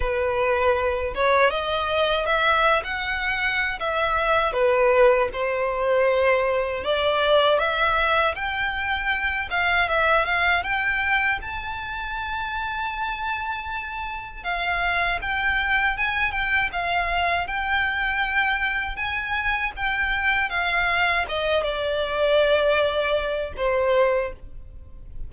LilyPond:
\new Staff \with { instrumentName = "violin" } { \time 4/4 \tempo 4 = 79 b'4. cis''8 dis''4 e''8. fis''16~ | fis''4 e''4 b'4 c''4~ | c''4 d''4 e''4 g''4~ | g''8 f''8 e''8 f''8 g''4 a''4~ |
a''2. f''4 | g''4 gis''8 g''8 f''4 g''4~ | g''4 gis''4 g''4 f''4 | dis''8 d''2~ d''8 c''4 | }